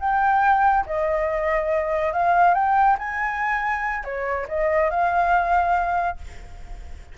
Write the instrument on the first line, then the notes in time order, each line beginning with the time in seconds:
flute
0.00 G5
0.86 D#5
2.13 F5
2.54 G5
2.99 G#5
4.04 C#5
4.48 D#5
4.90 F5